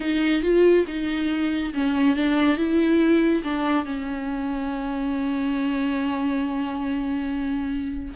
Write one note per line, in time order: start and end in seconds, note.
0.00 0.42 D#4
0.42 0.85 F4
0.87 1.73 D#4
1.74 2.15 C#4
2.15 2.57 D4
2.57 3.43 E4
3.43 3.85 D4
3.85 8.14 C#4